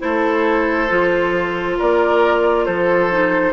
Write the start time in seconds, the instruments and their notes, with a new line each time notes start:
0.00 bassoon A3, clarinet E4, oboe A4, flute C5
0.90 bassoon F3, clarinet F4
1.79 bassoon A#3, oboe A#4, flute D5
2.66 bassoon F3, oboe A4, flute C5
3.12 clarinet D#4